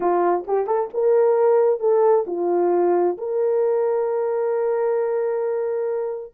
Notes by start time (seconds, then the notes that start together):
0.00 F4
0.47 G4
0.66 A4
0.93 A#4
1.80 A4
2.27 F4
3.17 A#4